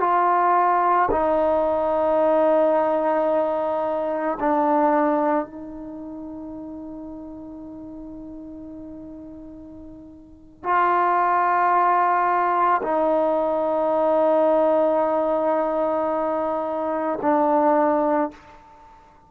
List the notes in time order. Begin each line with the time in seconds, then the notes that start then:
0.00 F4
1.11 D#4
4.40 D4
5.45 D#4
10.63 F4
12.83 D#4
17.22 D4